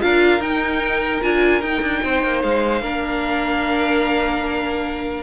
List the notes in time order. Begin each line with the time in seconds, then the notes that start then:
0.00 D4 F4 A#4 F5
0.39 D#4 G5
1.21 D4 F4 G#5
1.61 D#4 G5
1.81 D4
2.03 C4 C5
2.23 A#3
2.42 G#3 F5
2.81 A#3 D4 A#4